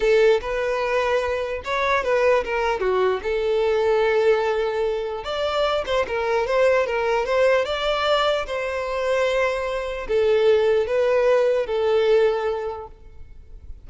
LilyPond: \new Staff \with { instrumentName = "violin" } { \time 4/4 \tempo 4 = 149 a'4 b'2. | cis''4 b'4 ais'4 fis'4 | a'1~ | a'4 d''4. c''8 ais'4 |
c''4 ais'4 c''4 d''4~ | d''4 c''2.~ | c''4 a'2 b'4~ | b'4 a'2. | }